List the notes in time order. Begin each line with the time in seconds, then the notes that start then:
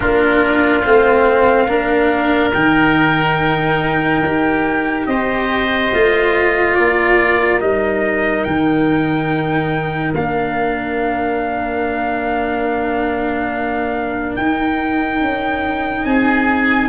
0.00 A#3 D4 F4 A#4
0.84 A3 C4 F5
1.67 A#3 D4 A#4
2.53 D#3 D#4 G5
4.22 D#4 G4
5.05 C4 C5 D#5
5.93 A3 F4
6.74 A#3 A#4 D5
7.60 G3 D#4 D#5
8.43 D#3 G5
10.14 A#3 D4 F5
14.36 D#4 G5
15.20 C#4
16.05 C4 G#4 G#5